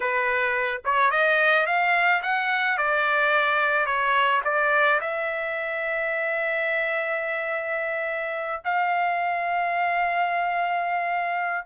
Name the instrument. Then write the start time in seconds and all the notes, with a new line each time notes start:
trumpet
0.00 B4
0.84 C#5
1.11 D#5
1.66 F5
2.22 F#5
2.77 D5
3.85 C#5
4.44 D5
5.01 E5
8.64 F5